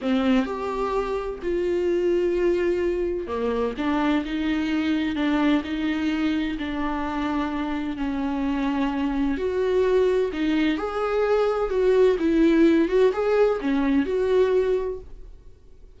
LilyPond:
\new Staff \with { instrumentName = "viola" } { \time 4/4 \tempo 4 = 128 c'4 g'2 f'4~ | f'2. ais4 | d'4 dis'2 d'4 | dis'2 d'2~ |
d'4 cis'2. | fis'2 dis'4 gis'4~ | gis'4 fis'4 e'4. fis'8 | gis'4 cis'4 fis'2 | }